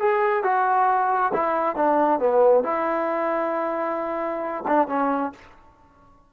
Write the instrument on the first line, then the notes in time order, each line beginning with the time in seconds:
trombone
0.00 G#4
0.44 F#4
1.34 E4
1.76 D4
2.20 B3
2.64 E4
4.68 D4
4.88 C#4